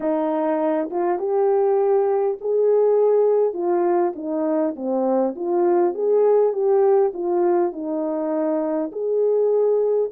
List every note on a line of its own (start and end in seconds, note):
0.00 0.89 D#4
0.90 1.19 F4
1.19 2.37 G4
2.40 3.53 G#4
3.53 4.13 F4
4.15 4.75 D#4
4.76 5.35 C4
5.35 5.94 F4
5.94 6.52 G#4
6.52 7.12 G4
7.13 7.72 F4
7.72 8.91 D#4
8.91 10.10 G#4